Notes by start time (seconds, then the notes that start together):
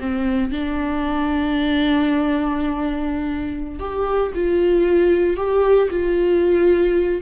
0.00 C4
0.51 D4
3.80 G4
4.34 F4
5.37 G4
5.90 F4